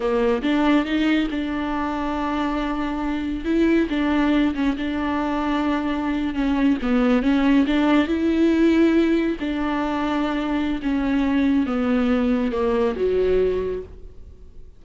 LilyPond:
\new Staff \with { instrumentName = "viola" } { \time 4/4 \tempo 4 = 139 ais4 d'4 dis'4 d'4~ | d'1 | e'4 d'4. cis'8 d'4~ | d'2~ d'8. cis'4 b16~ |
b8. cis'4 d'4 e'4~ e'16~ | e'4.~ e'16 d'2~ d'16~ | d'4 cis'2 b4~ | b4 ais4 fis2 | }